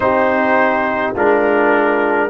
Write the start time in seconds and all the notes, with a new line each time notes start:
0.00 C4 D#4 G4 C5
1.14 G#3 D4 F4 A#4